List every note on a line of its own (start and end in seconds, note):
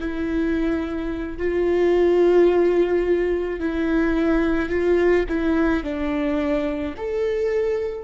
0.00 1.38 E4
1.38 3.60 F4
3.60 4.70 E4
4.70 5.25 F4
5.29 5.84 E4
5.84 6.95 D4
6.97 8.05 A4